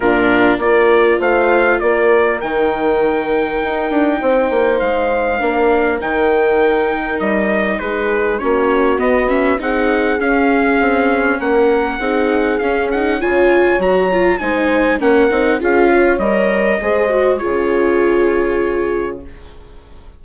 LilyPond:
<<
  \new Staff \with { instrumentName = "trumpet" } { \time 4/4 \tempo 4 = 100 ais'4 d''4 f''4 d''4 | g''1 | f''2 g''2 | dis''4 b'4 cis''4 dis''8 e''8 |
fis''4 f''2 fis''4~ | fis''4 f''8 fis''8 gis''4 ais''4 | gis''4 fis''4 f''4 dis''4~ | dis''4 cis''2. | }
  \new Staff \with { instrumentName = "horn" } { \time 4/4 f'4 ais'4 c''4 ais'4~ | ais'2. c''4~ | c''4 ais'2.~ | ais'4 gis'4 fis'2 |
gis'2. ais'4 | gis'2 cis''2 | c''4 ais'4 gis'8 cis''4. | c''4 gis'2. | }
  \new Staff \with { instrumentName = "viola" } { \time 4/4 d'4 f'2. | dis'1~ | dis'4 d'4 dis'2~ | dis'2 cis'4 b8 cis'8 |
dis'4 cis'2. | dis'4 cis'8 dis'8 f'4 fis'8 f'8 | dis'4 cis'8 dis'8 f'4 ais'4 | gis'8 fis'8 f'2. | }
  \new Staff \with { instrumentName = "bassoon" } { \time 4/4 ais,4 ais4 a4 ais4 | dis2 dis'8 d'8 c'8 ais8 | gis4 ais4 dis2 | g4 gis4 ais4 b4 |
c'4 cis'4 c'4 ais4 | c'4 cis'4 cis4 fis4 | gis4 ais8 c'8 cis'4 g4 | gis4 cis2. | }
>>